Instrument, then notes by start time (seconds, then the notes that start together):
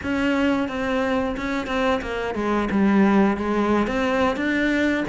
cello
0.03 C#4
0.68 C4
1.36 C#4
1.67 C4
2.01 A#3
2.34 G#3
2.70 G3
3.37 G#3
3.87 C4
4.36 D4